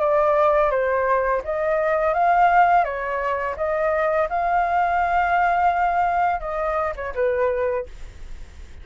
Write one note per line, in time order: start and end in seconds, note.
0.00 0.71 D5
0.71 1.42 C5
1.44 2.14 D#5
2.14 2.84 F5
2.84 3.56 C#5
3.57 4.28 D#5
4.30 6.41 F5
6.41 6.94 D#5
6.96 7.14 C#5
7.15 7.86 B4